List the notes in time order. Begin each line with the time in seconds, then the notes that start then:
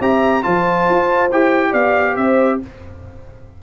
0.00 C4 G4 E5 A#5
0.43 F3 F4 C5 A5
0.90 F4
1.32 E4 G4 G5
1.71 B3 D5 F5
2.16 C4 C5 E5